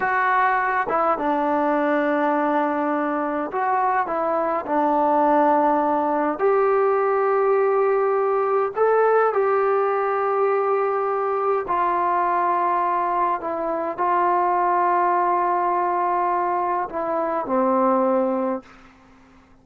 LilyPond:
\new Staff \with { instrumentName = "trombone" } { \time 4/4 \tempo 4 = 103 fis'4. e'8 d'2~ | d'2 fis'4 e'4 | d'2. g'4~ | g'2. a'4 |
g'1 | f'2. e'4 | f'1~ | f'4 e'4 c'2 | }